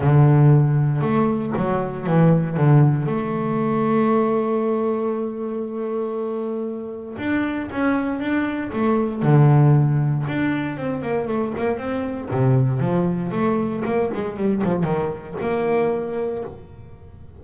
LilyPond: \new Staff \with { instrumentName = "double bass" } { \time 4/4 \tempo 4 = 117 d2 a4 fis4 | e4 d4 a2~ | a1~ | a2 d'4 cis'4 |
d'4 a4 d2 | d'4 c'8 ais8 a8 ais8 c'4 | c4 f4 a4 ais8 gis8 | g8 f8 dis4 ais2 | }